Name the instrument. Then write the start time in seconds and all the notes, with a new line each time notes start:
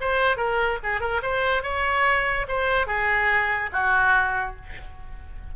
oboe
0.00 C5
0.37 A#4
0.83 G#4
1.00 A#4
1.22 C5
1.63 C#5
2.48 C5
2.86 G#4
3.72 F#4